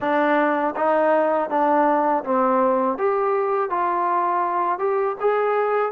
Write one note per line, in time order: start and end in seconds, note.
0.00 0.74 D4
0.75 1.49 D#4
1.49 2.23 D4
2.24 2.98 C4
2.98 3.70 G4
3.70 4.78 F4
4.78 5.15 G4
5.20 5.92 G#4